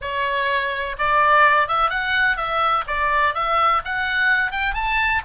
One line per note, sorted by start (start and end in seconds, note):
0.01 0.96 C#5
0.98 1.68 D5
1.68 1.90 E5
1.90 2.36 F#5
2.36 2.84 E5
2.87 3.34 D5
3.34 3.82 E5
3.84 4.51 F#5
4.51 4.73 G5
4.73 5.21 A5